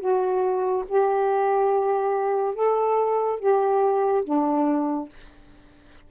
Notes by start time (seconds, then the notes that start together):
0.00 F#4
0.89 G4
2.55 A4
3.40 G4
4.25 D4